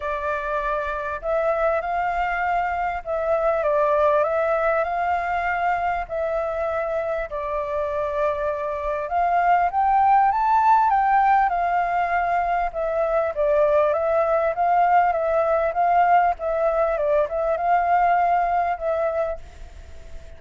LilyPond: \new Staff \with { instrumentName = "flute" } { \time 4/4 \tempo 4 = 99 d''2 e''4 f''4~ | f''4 e''4 d''4 e''4 | f''2 e''2 | d''2. f''4 |
g''4 a''4 g''4 f''4~ | f''4 e''4 d''4 e''4 | f''4 e''4 f''4 e''4 | d''8 e''8 f''2 e''4 | }